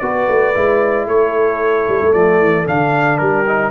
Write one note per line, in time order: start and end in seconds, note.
0.00 0.28 B3
0.00 0.55 F#4
0.00 1.08 B4
0.00 1.06 D5
0.29 0.56 A3
0.55 1.07 G#3
0.55 2.13 E4
1.07 1.87 A3
1.07 3.22 A4
1.07 2.14 C#5
1.89 2.02 G3
2.03 2.15 A3
2.13 2.40 F3
2.13 2.66 A3
2.13 2.67 D5
2.40 2.67 E3
2.66 3.20 D3
2.66 3.46 D4
2.66 3.18 F5
3.18 3.71 G3
3.18 3.71 G4
3.18 3.71 A#4
3.48 3.71 D#4